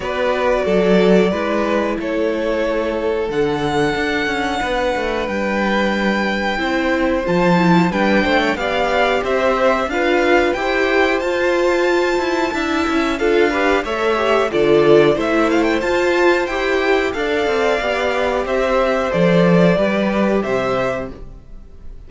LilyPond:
<<
  \new Staff \with { instrumentName = "violin" } { \time 4/4 \tempo 4 = 91 d''2. cis''4~ | cis''4 fis''2. | g''2. a''4 | g''4 f''4 e''4 f''4 |
g''4 a''2. | f''4 e''4 d''4 e''8 f''16 g''16 | a''4 g''4 f''2 | e''4 d''2 e''4 | }
  \new Staff \with { instrumentName = "violin" } { \time 4/4 b'4 a'4 b'4 a'4~ | a'2. b'4~ | b'2 c''2 | b'8 c''16 cis''16 d''4 c''4 b'4 |
c''2. e''4 | a'8 b'8 cis''4 a'4 c''4~ | c''2 d''2 | c''2 b'4 c''4 | }
  \new Staff \with { instrumentName = "viola" } { \time 4/4 fis'2 e'2~ | e'4 d'2.~ | d'2 e'4 f'8 e'8 | d'4 g'2 f'4 |
g'4 f'2 e'4 | f'8 g'8 a'8 g'8 f'4 e'4 | f'4 g'4 a'4 g'4~ | g'4 a'4 g'2 | }
  \new Staff \with { instrumentName = "cello" } { \time 4/4 b4 fis4 gis4 a4~ | a4 d4 d'8 cis'8 b8 a8 | g2 c'4 f4 | g8 a8 b4 c'4 d'4 |
e'4 f'4. e'8 d'8 cis'8 | d'4 a4 d4 a4 | f'4 e'4 d'8 c'8 b4 | c'4 f4 g4 c4 | }
>>